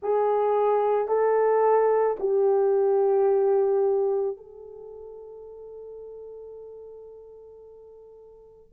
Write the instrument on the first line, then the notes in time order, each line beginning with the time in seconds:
horn
0.02 G#4
1.08 A4
2.19 G4
4.36 A4